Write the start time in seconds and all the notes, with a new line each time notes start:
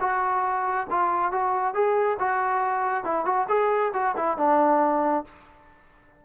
0.00 F#4
0.90 F4
1.31 F#4
1.74 G#4
2.19 F#4
3.04 E4
3.25 F#4
3.49 G#4
3.93 F#4
4.16 E4
4.37 D4